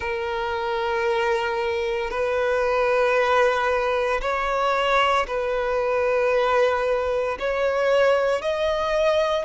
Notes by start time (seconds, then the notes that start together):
0.00 A#4
2.10 B4
4.21 C#5
5.27 B4
7.39 C#5
8.41 D#5